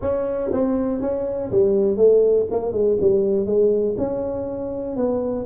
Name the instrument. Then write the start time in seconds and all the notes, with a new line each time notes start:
tuba
0.01 C#4
0.52 C4
1.01 C#4
1.51 G3
1.97 A3
2.50 A#3
2.72 G#3
3.00 G3
3.46 G#3
3.97 C#4
4.96 B3